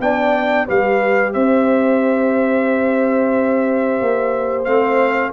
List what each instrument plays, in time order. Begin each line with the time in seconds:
0.00 tuba B3, trombone D4, horn D5, trumpet G5
0.67 tuba G3, trombone G4, horn B4, trumpet F5
1.33 tuba C4, horn C5, trumpet E5
4.01 tuba A#3
4.65 tuba A3, trombone C4, trumpet F5